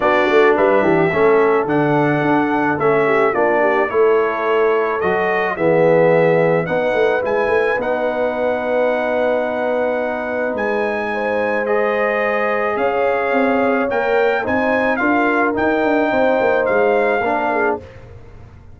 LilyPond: <<
  \new Staff \with { instrumentName = "trumpet" } { \time 4/4 \tempo 4 = 108 d''4 e''2 fis''4~ | fis''4 e''4 d''4 cis''4~ | cis''4 dis''4 e''2 | fis''4 gis''4 fis''2~ |
fis''2. gis''4~ | gis''4 dis''2 f''4~ | f''4 g''4 gis''4 f''4 | g''2 f''2 | }
  \new Staff \with { instrumentName = "horn" } { \time 4/4 fis'4 b'8 g'8 a'2~ | a'4. g'8 f'8 g'8 a'4~ | a'2 gis'2 | b'1~ |
b'1 | c''2. cis''4~ | cis''2 c''4 ais'4~ | ais'4 c''2 ais'8 gis'8 | }
  \new Staff \with { instrumentName = "trombone" } { \time 4/4 d'2 cis'4 d'4~ | d'4 cis'4 d'4 e'4~ | e'4 fis'4 b2 | dis'4 e'4 dis'2~ |
dis'1~ | dis'4 gis'2.~ | gis'4 ais'4 dis'4 f'4 | dis'2. d'4 | }
  \new Staff \with { instrumentName = "tuba" } { \time 4/4 b8 a8 g8 e8 a4 d4 | d'4 a4 ais4 a4~ | a4 fis4 e2 | b8 a8 gis8 a8 b2~ |
b2. gis4~ | gis2. cis'4 | c'4 ais4 c'4 d'4 | dis'8 d'8 c'8 ais8 gis4 ais4 | }
>>